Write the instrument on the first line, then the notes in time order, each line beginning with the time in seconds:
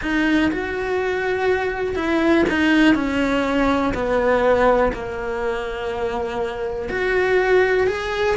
cello
0.02 D#4
0.51 F#4
1.95 E4
2.49 D#4
2.95 C#4
3.94 B3
4.93 A#3
6.89 F#4
7.87 G#4